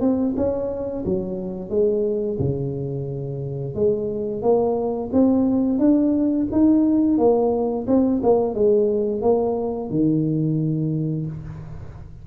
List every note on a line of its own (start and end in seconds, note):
0.00 0.34 C4
0.36 1.04 C#4
1.05 1.70 F#3
1.70 2.38 G#3
2.39 3.75 C#3
3.75 4.42 G#3
4.42 5.10 A#3
5.12 5.78 C4
5.78 6.46 D4
6.51 7.17 D#4
7.17 7.86 A#3
7.87 8.21 C4
8.23 8.54 A#3
8.54 9.21 G#3
9.21 9.90 A#3
9.90 11.26 D#3